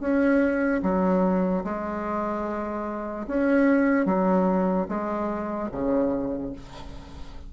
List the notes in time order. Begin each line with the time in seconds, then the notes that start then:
0.00 C#4
0.83 F#3
1.64 G#3
3.27 C#4
4.05 F#3
4.88 G#3
5.72 C#3